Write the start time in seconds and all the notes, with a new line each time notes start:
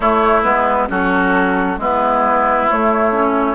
0.00 A3 E4 C#5
0.43 G#3 B3 B4
0.88 F#3 C#4 F#4 A4
1.77 G#3 B3 E4 B4
2.70 A3 C#5
3.12 C#4